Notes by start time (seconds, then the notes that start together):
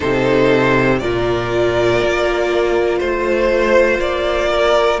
0.00 C3 D#4 A4 C5
0.98 A#2 F4 A#4 D5
2.03 A#3
2.98 A3 C5
3.98 A#3 D5
4.51 A#4